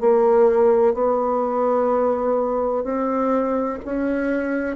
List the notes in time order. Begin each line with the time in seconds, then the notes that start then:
0.00 A#3
0.94 B3
2.84 C4
3.85 C#4